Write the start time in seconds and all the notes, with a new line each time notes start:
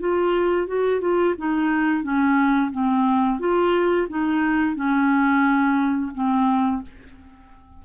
0.00 F4
0.67 F#4
1.01 F4
1.38 D#4
2.03 C#4
2.72 C4
3.40 F4
4.09 D#4
4.76 C#4
6.14 C4